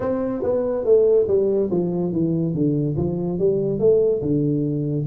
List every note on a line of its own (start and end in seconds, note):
0.00 0.42 C4
0.42 0.85 B3
0.85 1.27 A3
1.27 1.69 G3
1.71 2.12 F3
2.12 2.54 E3
2.54 2.96 D3
2.96 3.38 F3
3.38 3.79 G3
3.79 4.21 A3
4.21 5.06 D3